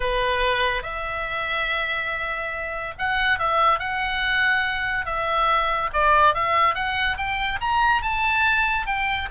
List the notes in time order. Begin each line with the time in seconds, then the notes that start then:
0.00 B4
0.82 E5
2.98 F#5
3.38 E5
3.79 F#5
5.05 E5
5.93 D5
6.34 E5
6.75 F#5
7.17 G5
7.61 A#5
8.02 A5
8.86 G5